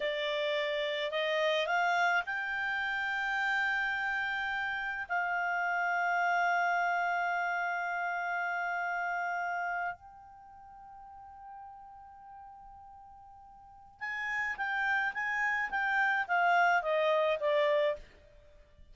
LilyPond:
\new Staff \with { instrumentName = "clarinet" } { \time 4/4 \tempo 4 = 107 d''2 dis''4 f''4 | g''1~ | g''4 f''2.~ | f''1~ |
f''4.~ f''16 g''2~ g''16~ | g''1~ | g''4 gis''4 g''4 gis''4 | g''4 f''4 dis''4 d''4 | }